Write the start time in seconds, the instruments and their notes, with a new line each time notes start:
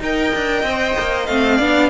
0.00 cello D#4, viola A#4, violin D#5 G5
0.35 cello D4
0.63 cello C4, viola C5
0.99 cello A#3
1.27 cello A3, viola C4, violin F5
1.57 cello B3, viola D4, violin D5